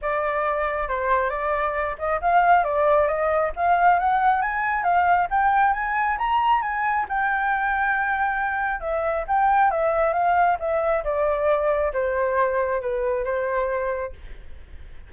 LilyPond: \new Staff \with { instrumentName = "flute" } { \time 4/4 \tempo 4 = 136 d''2 c''4 d''4~ | d''8 dis''8 f''4 d''4 dis''4 | f''4 fis''4 gis''4 f''4 | g''4 gis''4 ais''4 gis''4 |
g''1 | e''4 g''4 e''4 f''4 | e''4 d''2 c''4~ | c''4 b'4 c''2 | }